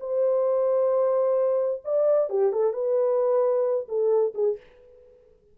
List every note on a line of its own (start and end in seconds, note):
0.00 1.82 C5
1.85 2.29 D5
2.29 2.52 G4
2.52 2.73 A4
2.73 3.87 B4
3.88 4.34 A4
4.34 4.57 G#4